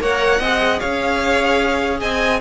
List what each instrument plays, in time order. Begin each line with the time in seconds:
0.00 cello A#3, viola A#4, violin C#5 F#5
0.40 cello C4, viola G#4, violin D#5
0.80 cello C#4, violin C#5 F5
2.00 cello C4, violin D#5 G#5